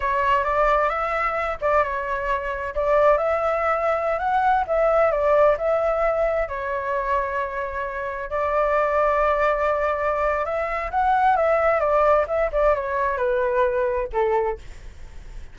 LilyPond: \new Staff \with { instrumentName = "flute" } { \time 4/4 \tempo 4 = 132 cis''4 d''4 e''4. d''8 | cis''2 d''4 e''4~ | e''4~ e''16 fis''4 e''4 d''8.~ | d''16 e''2 cis''4.~ cis''16~ |
cis''2~ cis''16 d''4.~ d''16~ | d''2. e''4 | fis''4 e''4 d''4 e''8 d''8 | cis''4 b'2 a'4 | }